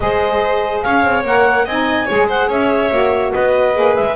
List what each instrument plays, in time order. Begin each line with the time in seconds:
0.00 double bass G#3, saxophone G#4, violin C5, clarinet D#5
0.82 double bass C#4, violin C#5, clarinet F5
1.04 double bass C4
1.24 double bass A#3, saxophone A#4, clarinet F#5
1.65 double bass C4, saxophone D#4, violin D#5, clarinet G#5
2.05 double bass G#3, saxophone G#4, violin C#5
2.27 violin C5, clarinet F#5
2.48 double bass C#4, violin C#5, clarinet E5
2.91 double bass A#3, saxophone F#4
3.33 double bass B3, violin B4, clarinet D#5
3.74 double bass A#3, saxophone G#4
3.95 double bass G#3, clarinet E5